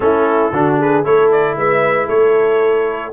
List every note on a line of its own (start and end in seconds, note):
0.00 0.51 A3
0.00 0.51 C#4
0.00 0.53 E4
0.00 0.75 A4
0.51 1.04 D3
0.51 1.04 D4
0.51 0.78 F#4
0.78 1.04 G#4
0.78 1.04 B4
1.04 1.56 A3
1.04 3.12 E4
1.04 1.56 A4
1.04 1.31 C#5
1.31 1.57 D5
1.56 2.08 G#3
1.56 2.06 B4
1.56 2.08 E5
2.06 3.12 A3
2.06 3.10 A4
2.06 3.12 C#5